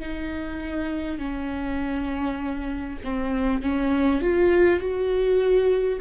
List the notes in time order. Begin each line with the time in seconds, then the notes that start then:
0.00 D#4
1.18 C#4
3.04 C4
3.63 C#4
4.22 F4
4.80 F#4